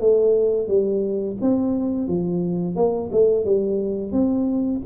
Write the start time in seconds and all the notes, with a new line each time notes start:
0.00 A3
0.68 G3
1.41 C4
2.08 F3
2.76 A#3
3.12 A3
3.45 G3
4.12 C4